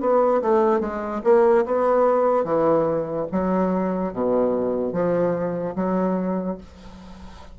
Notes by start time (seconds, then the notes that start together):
0.00 B3
0.41 A3
0.80 G#3
1.23 A#3
1.65 B3
2.44 E3
3.31 F#3
4.12 B2
4.92 F3
5.75 F#3